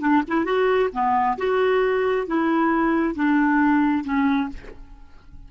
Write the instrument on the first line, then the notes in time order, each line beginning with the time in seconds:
clarinet
0.00 D4
0.27 E4
0.45 F#4
0.93 B3
1.38 F#4
2.27 E4
3.15 D4
4.04 C#4